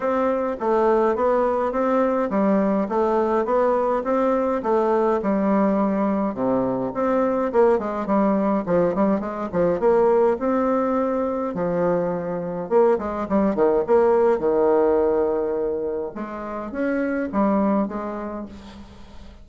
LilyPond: \new Staff \with { instrumentName = "bassoon" } { \time 4/4 \tempo 4 = 104 c'4 a4 b4 c'4 | g4 a4 b4 c'4 | a4 g2 c4 | c'4 ais8 gis8 g4 f8 g8 |
gis8 f8 ais4 c'2 | f2 ais8 gis8 g8 dis8 | ais4 dis2. | gis4 cis'4 g4 gis4 | }